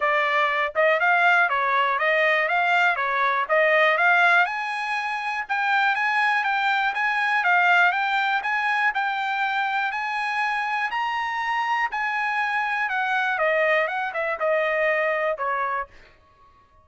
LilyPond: \new Staff \with { instrumentName = "trumpet" } { \time 4/4 \tempo 4 = 121 d''4. dis''8 f''4 cis''4 | dis''4 f''4 cis''4 dis''4 | f''4 gis''2 g''4 | gis''4 g''4 gis''4 f''4 |
g''4 gis''4 g''2 | gis''2 ais''2 | gis''2 fis''4 dis''4 | fis''8 e''8 dis''2 cis''4 | }